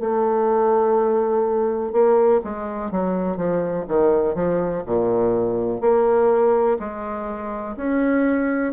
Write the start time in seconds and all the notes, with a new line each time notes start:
0.00 A3
1.93 A#3
2.44 G#3
2.91 F#3
3.37 F3
3.88 D#3
4.35 F3
4.86 A#2
5.81 A#3
6.79 G#3
7.77 C#4